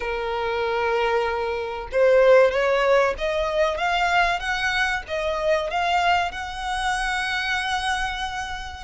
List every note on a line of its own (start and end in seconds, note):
0.00 1.88 A#4
1.92 2.51 C5
2.51 3.14 C#5
3.18 3.77 D#5
3.77 4.39 F5
4.39 5.02 F#5
5.07 5.70 D#5
5.70 6.31 F5
6.31 8.84 F#5